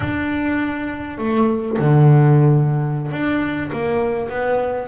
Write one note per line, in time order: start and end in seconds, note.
0.00 1.18 D4
1.18 1.77 A3
1.78 3.11 D3
3.11 3.70 D4
3.72 4.29 A#3
4.29 4.87 B3